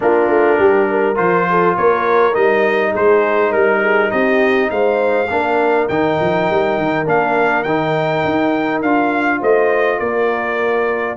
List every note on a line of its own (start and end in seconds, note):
0.00 0.29 A#3
0.00 1.15 D4
0.00 0.58 F4
0.00 1.16 A#4
0.29 0.58 A3
0.58 1.17 G3
0.58 0.87 G4
0.90 1.49 A#4
1.15 1.76 F3
1.15 2.32 F4
1.15 1.75 C5
1.50 1.76 A4
1.76 2.35 A#3
1.76 2.91 A#4
1.76 2.35 C#5
2.32 2.94 G3
2.32 5.27 D#4
2.32 2.93 D#5
2.91 3.53 G#3
2.91 3.50 G#4
2.91 3.52 C5
3.50 4.12 G3
3.50 3.80 A#4
3.50 4.11 A#4
3.80 4.09 G#4
4.11 4.70 C4
4.11 4.70 G4
4.11 4.70 D#5
4.70 5.29 G#3
4.70 5.30 C5
4.70 5.88 F5
5.29 5.88 A#3
5.29 5.89 D4
5.29 9.39 A#4
5.88 6.18 D#3
5.88 7.05 D#4
5.88 7.06 G5
6.20 6.49 F3
6.50 6.78 G3
6.78 7.06 D#3
7.05 7.65 A#3
7.05 7.64 D4
7.05 7.63 F5
7.63 8.23 D#3
7.63 8.84 D#4
7.63 8.80 G5
8.24 8.82 D#4
8.82 9.41 D4
8.82 11.17 F4
8.82 9.41 F5
9.39 10.00 A3
9.39 9.98 C5
9.39 9.99 D#5
9.99 11.17 A#3
9.99 11.16 A#4
9.99 11.16 D5